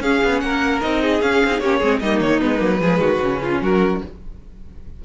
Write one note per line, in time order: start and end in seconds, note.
0.00 0.20 C#4
0.00 0.81 C#4
0.00 0.42 G#4
0.00 0.40 F5
0.24 0.43 B3
0.40 0.83 A#3
0.40 1.03 A#4
0.40 0.80 F#5
0.81 1.22 C4
0.81 1.21 D#4
0.81 1.22 D#5
1.03 1.63 G#4
1.22 1.42 C#4
1.22 1.51 C#4
1.22 1.60 F5
1.45 1.61 C4
1.51 1.61 D#4
1.60 1.81 A#3
1.60 1.83 C#4
1.60 1.79 G4
1.60 2.00 C#5
1.79 2.02 G#3
1.79 2.03 C4
1.79 1.99 G#4
2.00 2.21 G3
2.00 2.41 A#3
2.00 2.81 D#4
2.00 2.20 D#5
2.21 2.41 D#3
2.21 2.41 C#5
2.41 2.61 G#3
2.41 2.58 B3
2.41 3.61 B4
2.58 2.81 F#3
2.58 2.78 A#3
2.81 2.99 F3
2.81 3.21 G#3
2.81 3.01 G#4
2.99 3.19 D#3
2.99 3.41 F#4
3.21 3.61 C#3
3.21 4.05 C#4
3.43 3.62 F4
3.61 4.01 F#3
3.61 4.02 F#4
3.61 4.03 A#4